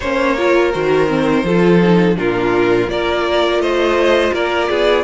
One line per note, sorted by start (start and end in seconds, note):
0.00 0.74 A#3
0.00 0.37 C#4
0.00 0.36 C5
0.00 0.72 C#5
0.37 0.72 F4
0.37 1.45 A#4
0.72 1.43 D#3
0.72 1.07 F#4
0.72 2.16 C5
1.07 1.43 C4
1.43 2.16 F3
1.43 1.81 F4
1.43 2.17 A4
1.82 2.15 D#4
2.15 2.88 A#2
2.15 2.88 D4
2.15 2.89 F4
2.15 2.90 A#4
2.88 3.58 A#3
2.88 5.03 F4
2.88 3.62 A#4
2.88 3.61 D5
3.58 4.31 A3
3.58 4.33 C5
3.58 4.33 D#5
4.32 4.68 A#3
4.32 4.69 A#4
4.32 5.03 D5
4.69 5.03 B3
4.69 5.03 G#4